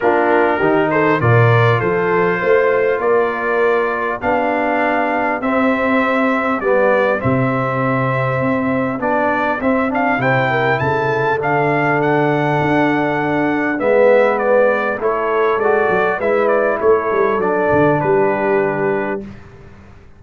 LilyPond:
<<
  \new Staff \with { instrumentName = "trumpet" } { \time 4/4 \tempo 4 = 100 ais'4. c''8 d''4 c''4~ | c''4 d''2 f''4~ | f''4 e''2 d''4 | e''2. d''4 |
e''8 f''8 g''4 a''4 f''4 | fis''2. e''4 | d''4 cis''4 d''4 e''8 d''8 | cis''4 d''4 b'2 | }
  \new Staff \with { instrumentName = "horn" } { \time 4/4 f'4 g'8 a'8 ais'4 a'4 | c''4 ais'2 g'4~ | g'1~ | g'1~ |
g'4 c''8 ais'8 a'2~ | a'2. b'4~ | b'4 a'2 b'4 | a'2 g'2 | }
  \new Staff \with { instrumentName = "trombone" } { \time 4/4 d'4 dis'4 f'2~ | f'2. d'4~ | d'4 c'2 b4 | c'2. d'4 |
c'8 d'8 e'2 d'4~ | d'2. b4~ | b4 e'4 fis'4 e'4~ | e'4 d'2. | }
  \new Staff \with { instrumentName = "tuba" } { \time 4/4 ais4 dis4 ais,4 f4 | a4 ais2 b4~ | b4 c'2 g4 | c2 c'4 b4 |
c'4 c4 cis4 d4~ | d4 d'2 gis4~ | gis4 a4 gis8 fis8 gis4 | a8 g8 fis8 d8 g2 | }
>>